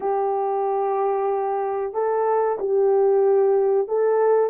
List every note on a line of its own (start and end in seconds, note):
0.00 1.93 G4
1.93 2.57 A4
2.59 3.88 G4
3.88 4.50 A4